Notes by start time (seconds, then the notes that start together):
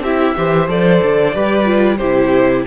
0.00 C4 E4 G4 E5
0.37 E3 G4 C5
0.68 F3 A4 D5
1.02 D3
1.34 G3 G4 B4
1.65 F4
1.97 C3 E4 G4 C5